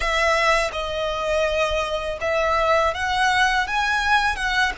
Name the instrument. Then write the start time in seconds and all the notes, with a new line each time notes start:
violin
0.00 E5
0.72 D#5
2.21 E5
2.94 F#5
3.67 G#5
4.35 F#5